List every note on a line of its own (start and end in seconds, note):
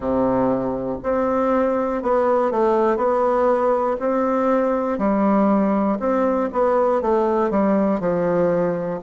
0.00 0.97 C3
1.03 2.02 C4
2.02 2.51 B3
2.51 2.96 A3
2.96 3.96 B3
3.99 4.98 C4
4.98 5.98 G3
5.99 6.49 C4
6.52 7.01 B3
7.01 7.50 A3
7.50 8.00 G3
8.00 9.00 F3